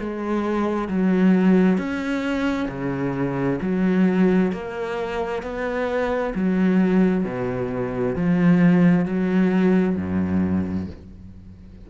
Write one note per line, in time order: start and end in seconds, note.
0.00 0.89 G#3
0.89 1.78 F#3
1.78 2.69 C#4
2.69 3.60 C#3
3.62 4.52 F#3
4.52 5.43 A#3
5.43 6.34 B3
6.35 7.25 F#3
7.25 8.16 B2
8.16 9.06 F3
9.06 9.97 F#3
9.97 10.88 F#2